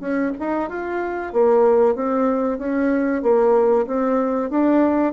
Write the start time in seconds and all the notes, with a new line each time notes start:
0.00 C#4
0.39 D#4
0.70 F4
1.33 A#3
1.95 C4
2.59 C#4
3.22 A#3
3.87 C4
4.50 D4